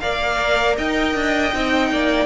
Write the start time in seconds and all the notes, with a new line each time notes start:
0.00 A#3 A#4 D5 F5
0.77 D#4 D#5 G5
1.14 D4
1.52 C4 D#4
1.91 A#3 D5